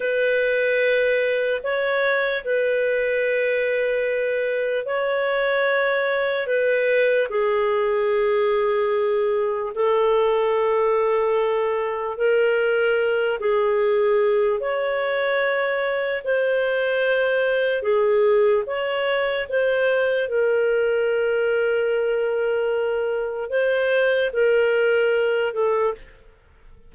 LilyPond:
\new Staff \with { instrumentName = "clarinet" } { \time 4/4 \tempo 4 = 74 b'2 cis''4 b'4~ | b'2 cis''2 | b'4 gis'2. | a'2. ais'4~ |
ais'8 gis'4. cis''2 | c''2 gis'4 cis''4 | c''4 ais'2.~ | ais'4 c''4 ais'4. a'8 | }